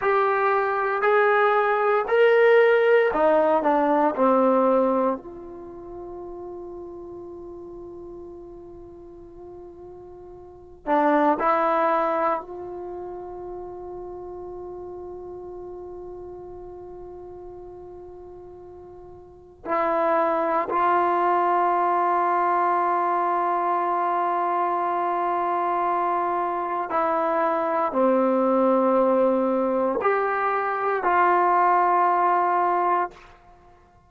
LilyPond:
\new Staff \with { instrumentName = "trombone" } { \time 4/4 \tempo 4 = 58 g'4 gis'4 ais'4 dis'8 d'8 | c'4 f'2.~ | f'2~ f'8 d'8 e'4 | f'1~ |
f'2. e'4 | f'1~ | f'2 e'4 c'4~ | c'4 g'4 f'2 | }